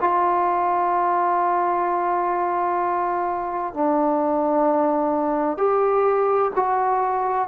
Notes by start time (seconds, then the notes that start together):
0.00 F4
3.74 D4
5.57 G4
6.55 F#4